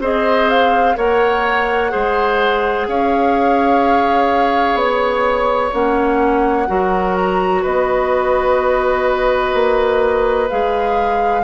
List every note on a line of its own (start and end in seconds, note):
0.00 0.95 C4
0.00 0.95 G#4
0.00 0.96 C5
0.00 0.50 D#5
0.50 0.97 F5
0.95 1.93 A#3
0.95 1.90 A#4
0.95 1.92 C#5
0.95 2.89 F#5
1.90 2.87 G#3
1.90 5.71 G#4
1.90 2.87 C5
2.87 4.75 C#4
2.87 6.69 C#5
2.87 4.78 F5
4.75 5.70 B3
4.75 5.73 C#5
5.73 6.69 A#3
5.73 6.67 C#4
5.73 7.15 F#5
6.67 7.64 F#3
6.67 10.48 F#4
6.67 7.62 A#4
7.15 7.63 A#5
7.62 9.54 B3
7.62 11.43 B4
7.62 10.50 D#5
9.54 10.49 A#3
10.50 11.44 G#3
10.50 11.44 G#4
10.50 11.44 F5